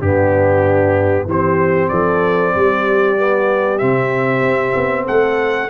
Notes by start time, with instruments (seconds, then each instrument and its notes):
0.00 tuba G2, trombone B3, horn D4, trumpet G4
1.25 tuba E3, trombone C4, horn G4, trumpet C5
1.88 tuba F3, horn A4, trumpet D5
2.55 tuba G3, horn G4
3.17 trombone B3
3.78 tuba C3, trombone C4, trumpet E5
4.41 tuba C4
4.76 tuba B3
5.05 tuba A3, horn A4, trumpet F#5